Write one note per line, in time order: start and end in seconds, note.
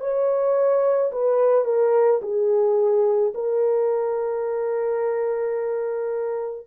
0.00 1.11 C#5
1.12 1.65 B4
1.65 2.20 A#4
2.22 3.33 G#4
3.34 6.66 A#4